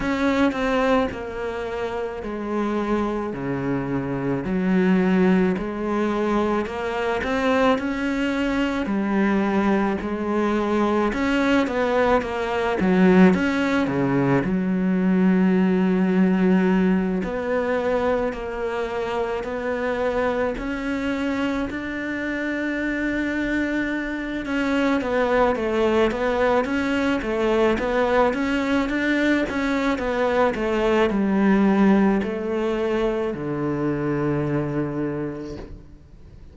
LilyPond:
\new Staff \with { instrumentName = "cello" } { \time 4/4 \tempo 4 = 54 cis'8 c'8 ais4 gis4 cis4 | fis4 gis4 ais8 c'8 cis'4 | g4 gis4 cis'8 b8 ais8 fis8 | cis'8 cis8 fis2~ fis8 b8~ |
b8 ais4 b4 cis'4 d'8~ | d'2 cis'8 b8 a8 b8 | cis'8 a8 b8 cis'8 d'8 cis'8 b8 a8 | g4 a4 d2 | }